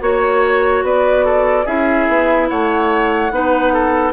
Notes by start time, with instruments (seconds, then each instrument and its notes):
0.00 bassoon A#3, clarinet F#4, flute C#5, oboe C#5
0.83 bassoon B3, oboe B4, flute D5
1.25 oboe A4
1.66 bassoon C#4, clarinet E4, oboe G#4, flute E5
2.09 bassoon B3
2.49 bassoon A3, oboe C#5, flute F#5
3.31 bassoon B3, clarinet D#4, oboe B4
3.73 oboe A4